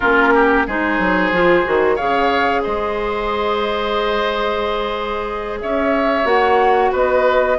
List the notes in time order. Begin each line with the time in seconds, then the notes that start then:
0.00 A#3 C#4 F4 A#4
0.34 G4
0.66 G#3 D#4 G#4 C5
0.98 F#3
1.32 F3 F4
1.64 D#3 F#4
1.95 C#3 G#4 C#5 F5
2.62 G#3 C5 D#5
5.60 C#4 C#5 E5
6.24 A#3 F#4 F#5
6.91 B3 B4 D#5